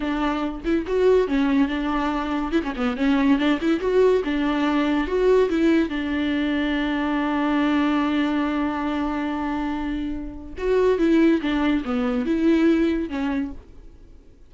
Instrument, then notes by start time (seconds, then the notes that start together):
viola
0.00 D4
0.64 E4
0.87 F#4
1.27 C#4
1.67 D4
2.52 E4
2.63 C#4
2.76 B3
2.96 C#4
3.38 D4
3.60 E4
3.80 F#4
4.24 D4
5.07 F#4
5.49 E4
5.89 D4
10.57 F#4
10.98 E4
11.41 D4
11.84 B3
12.25 E4
13.09 C#4